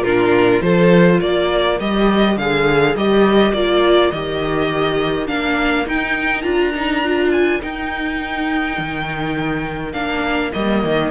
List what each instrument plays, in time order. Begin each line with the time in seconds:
0.00 cello A#2, viola D4, violin F4 A#4
0.61 cello F3, viola F4, violin A4 C5
1.20 cello A#3, violin A#4 D5
1.79 cello G3, viola G4, violin D#5
2.37 cello D3, viola G#4, violin F5
2.95 cello G3, viola G4, violin D#5
3.53 cello A#3, viola F4, violin D5
4.11 cello D#3, viola G4, violin D#5
5.27 cello A#3, viola D4, violin F5
5.86 viola D#4, cello D#4, violin G5
6.41 cello D4, viola F4, violin A#5
6.74 viola D#4
7.03 viola F4
7.32 violin G#5
7.60 viola D#4, cello D#4, violin G5
8.78 cello D#3
9.92 cello A#3, viola D4, violin F5
10.53 cello G3, viola A#3, violin D#5
10.84 cello D#3